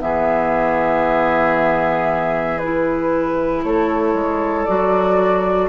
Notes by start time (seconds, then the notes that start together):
0.00 E3 B3 G#4 E5
2.59 E4 B4
3.64 A3 A4 C#5
4.14 G#3
4.65 F#3 F#4 D5